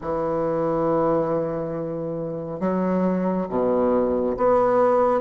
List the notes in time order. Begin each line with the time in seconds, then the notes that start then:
0.01 E3
2.60 F#3
3.49 B2
4.37 B3